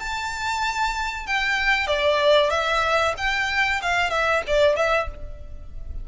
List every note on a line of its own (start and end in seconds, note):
0.00 1.27 A5
1.27 1.87 G5
1.87 2.51 D5
2.51 3.15 E5
3.18 3.82 G5
3.82 4.11 F5
4.11 4.43 E5
4.47 4.76 D5
4.76 5.08 E5